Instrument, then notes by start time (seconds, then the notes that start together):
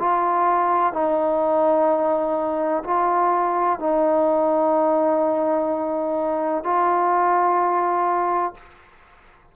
trombone
0.00 F4
0.94 D#4
2.84 F4
3.80 D#4
6.64 F4